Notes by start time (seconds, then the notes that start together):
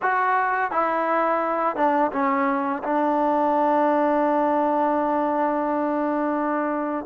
0.02 F#4
0.71 E4
1.76 D4
2.12 C#4
2.83 D4